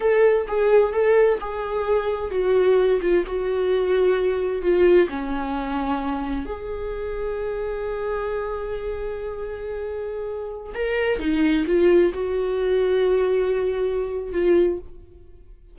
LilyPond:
\new Staff \with { instrumentName = "viola" } { \time 4/4 \tempo 4 = 130 a'4 gis'4 a'4 gis'4~ | gis'4 fis'4. f'8 fis'4~ | fis'2 f'4 cis'4~ | cis'2 gis'2~ |
gis'1~ | gis'2.~ gis'16 ais'8.~ | ais'16 dis'4 f'4 fis'4.~ fis'16~ | fis'2. f'4 | }